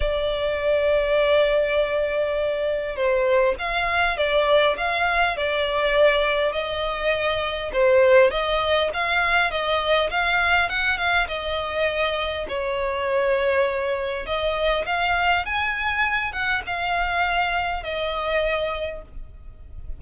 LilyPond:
\new Staff \with { instrumentName = "violin" } { \time 4/4 \tempo 4 = 101 d''1~ | d''4 c''4 f''4 d''4 | f''4 d''2 dis''4~ | dis''4 c''4 dis''4 f''4 |
dis''4 f''4 fis''8 f''8 dis''4~ | dis''4 cis''2. | dis''4 f''4 gis''4. fis''8 | f''2 dis''2 | }